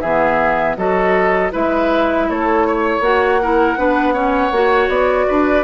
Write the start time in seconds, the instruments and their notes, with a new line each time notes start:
0.00 bassoon E3, clarinet B3, oboe G#4, flute E5
0.76 bassoon F#3, clarinet F#4, oboe A4, flute D#5
1.51 bassoon G#3, clarinet E4, oboe B4, flute E5
2.29 bassoon A3, oboe A4, flute C#5
2.67 oboe C#5
3.00 bassoon A#3, clarinet F#4, flute F#5
3.42 clarinet E4, oboe A#4
3.77 bassoon B3, clarinet D4, oboe B4
4.13 clarinet C#4, oboe C#5
4.51 bassoon A#3, clarinet F#4
4.88 bassoon B3, flute D5
5.27 bassoon D4, oboe B4